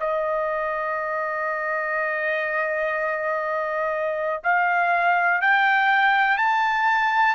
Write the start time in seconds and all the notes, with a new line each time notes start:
0.00 D#5
4.44 F5
5.41 G5
6.38 A5